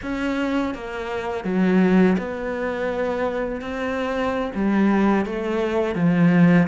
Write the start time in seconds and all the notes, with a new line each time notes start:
0.02 C#4
0.74 A#3
1.44 F#3
2.18 B3
3.61 C4
4.54 G3
5.25 A3
5.95 F3